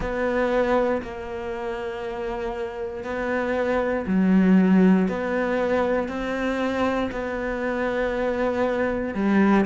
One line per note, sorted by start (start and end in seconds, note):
0.00 1.01 B3
1.02 3.04 A#3
3.04 4.05 B3
4.06 5.08 F#3
5.08 6.08 B3
6.08 7.10 C4
7.11 9.14 B3
9.14 9.65 G3